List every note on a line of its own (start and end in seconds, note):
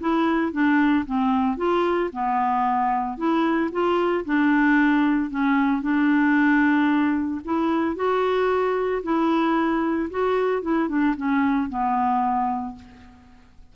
0.00 0.52 E4
0.52 1.05 D4
1.05 1.57 C4
1.57 2.10 F4
2.12 3.17 B3
3.17 3.70 E4
3.71 4.24 F4
4.25 5.30 D4
5.30 5.81 C#4
5.81 7.40 D4
7.44 7.95 E4
7.95 9.02 F#4
9.03 10.09 E4
10.10 10.62 F#4
10.62 10.88 E4
10.88 11.15 D4
11.16 11.69 C#4
11.69 12.75 B3